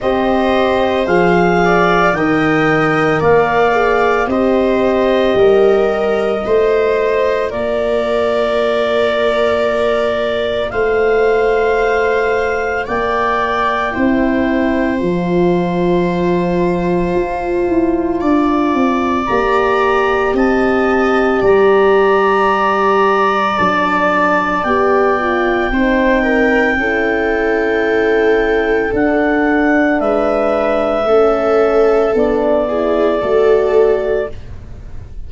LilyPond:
<<
  \new Staff \with { instrumentName = "clarinet" } { \time 4/4 \tempo 4 = 56 dis''4 f''4 g''4 f''4 | dis''2. d''4~ | d''2 f''2 | g''2 a''2~ |
a''2 ais''4 a''4 | ais''2 a''4 g''4~ | g''2. fis''4 | e''2 d''2 | }
  \new Staff \with { instrumentName = "viola" } { \time 4/4 c''4. d''8 dis''4 d''4 | c''4 ais'4 c''4 ais'4~ | ais'2 c''2 | d''4 c''2.~ |
c''4 d''2 dis''4 | d''1 | c''8 ais'8 a'2. | b'4 a'4. gis'8 a'4 | }
  \new Staff \with { instrumentName = "horn" } { \time 4/4 g'4 gis'4 ais'4. gis'8 | g'2 f'2~ | f'1~ | f'4 e'4 f'2~ |
f'2 g'2~ | g'2 d'4 g'8 f'8 | dis'4 e'2 d'4~ | d'4 cis'4 d'8 e'8 fis'4 | }
  \new Staff \with { instrumentName = "tuba" } { \time 4/4 c'4 f4 dis4 ais4 | c'4 g4 a4 ais4~ | ais2 a2 | ais4 c'4 f2 |
f'8 e'8 d'8 c'8 ais4 c'4 | g2 fis4 b4 | c'4 cis'2 d'4 | gis4 a4 b4 a4 | }
>>